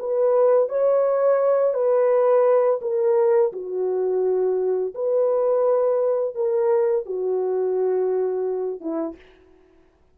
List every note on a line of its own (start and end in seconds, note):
0.00 0.70 B4
0.70 1.74 C#5
1.74 2.80 B4
2.82 3.53 A#4
3.53 4.94 F#4
4.95 6.36 B4
6.36 7.06 A#4
7.06 8.81 F#4
8.81 9.16 E4